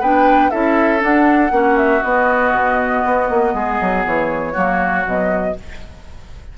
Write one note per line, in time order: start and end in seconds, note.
0.00 0.50 B3
0.00 0.52 D4
0.00 0.51 B4
0.00 0.51 G5
0.51 1.03 C#4
0.51 0.99 E4
0.51 1.52 A4
0.51 1.01 E5
0.99 1.49 D4
0.99 1.51 D4
0.99 1.77 F#5
1.51 2.01 A#3
1.51 2.02 C#4
1.51 3.54 F#4
1.77 2.02 E5
2.02 2.53 B3
2.02 4.55 B3
2.02 4.04 D#5
2.53 3.03 B2
3.05 3.30 B3
3.30 3.54 A#3
3.54 3.79 G#3
3.54 4.53 G#4
3.81 4.06 F#3
4.06 4.56 E3
4.06 5.06 C#5
4.53 5.05 F#3
4.53 5.04 A#3
4.53 5.54 F#4
5.04 5.55 B2
5.04 5.54 F#3
5.04 5.58 D#5